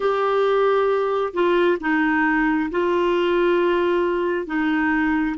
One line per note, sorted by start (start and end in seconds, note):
0.00 1.33 G4
1.33 1.78 F4
1.80 2.69 D#4
2.71 4.46 F4
4.46 5.36 D#4